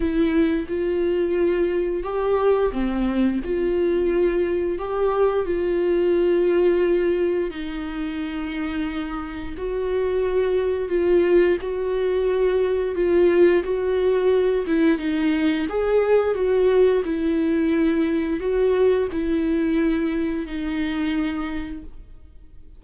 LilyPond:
\new Staff \with { instrumentName = "viola" } { \time 4/4 \tempo 4 = 88 e'4 f'2 g'4 | c'4 f'2 g'4 | f'2. dis'4~ | dis'2 fis'2 |
f'4 fis'2 f'4 | fis'4. e'8 dis'4 gis'4 | fis'4 e'2 fis'4 | e'2 dis'2 | }